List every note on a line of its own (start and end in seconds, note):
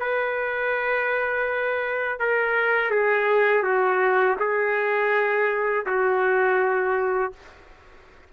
0.00 2.20 B4
2.20 2.91 A#4
2.91 3.63 G#4
3.63 4.36 F#4
4.39 5.86 G#4
5.86 7.33 F#4